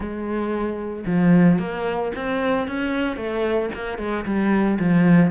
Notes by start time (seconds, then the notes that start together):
0.00 G#3
1.05 F3
1.58 A#3
2.15 C4
2.67 C#4
3.16 A3
3.74 A#3
3.98 G#3
4.25 G3
4.79 F3